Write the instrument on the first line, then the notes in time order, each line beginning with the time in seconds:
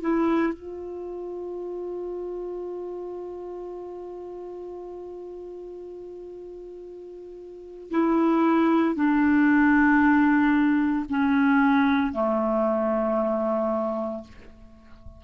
clarinet
0.00 E4
0.53 F4
7.90 E4
8.95 D4
11.09 C#4
12.12 A3